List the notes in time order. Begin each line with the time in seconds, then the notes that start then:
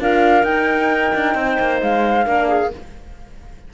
0.00 D4 F4 A#4 F5
0.43 D#4 G5
1.15 D4
1.35 C4 C5
1.60 A#3
1.82 G#3 F5
2.26 A#3 D4 A#4
2.48 G#4